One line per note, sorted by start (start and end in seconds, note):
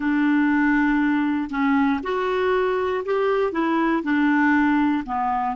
0.00 1.50 D4
1.50 2.00 C#4
2.03 3.04 F#4
3.05 3.52 G4
3.52 4.02 E4
4.03 5.04 D4
5.05 5.56 B3